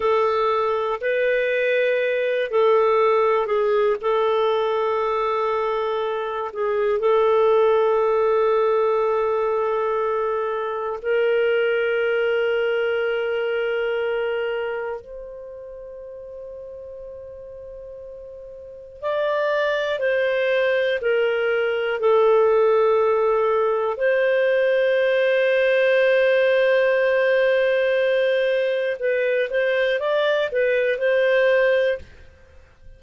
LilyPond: \new Staff \with { instrumentName = "clarinet" } { \time 4/4 \tempo 4 = 60 a'4 b'4. a'4 gis'8 | a'2~ a'8 gis'8 a'4~ | a'2. ais'4~ | ais'2. c''4~ |
c''2. d''4 | c''4 ais'4 a'2 | c''1~ | c''4 b'8 c''8 d''8 b'8 c''4 | }